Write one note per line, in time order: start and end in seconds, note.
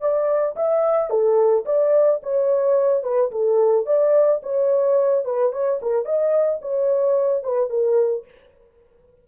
0.00 0.55 D5
0.56 1.10 E5
1.10 1.65 A4
1.65 2.20 D5
2.22 3.03 C#5
3.03 3.30 B4
3.31 3.86 A4
3.86 4.41 D5
4.42 5.24 C#5
5.24 5.52 B4
5.52 5.80 C#5
5.82 6.05 A#4
6.05 6.60 D#5
6.61 7.43 C#5
7.43 7.69 B4
7.69 8.24 A#4